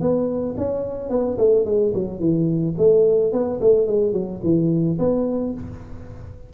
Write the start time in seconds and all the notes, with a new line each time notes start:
0.00 B3
0.57 C#4
1.10 B3
1.38 A3
1.65 G#3
1.94 F#3
2.20 E3
2.78 A3
3.32 B3
3.61 A3
3.87 G#3
4.13 F#3
4.43 E3
4.98 B3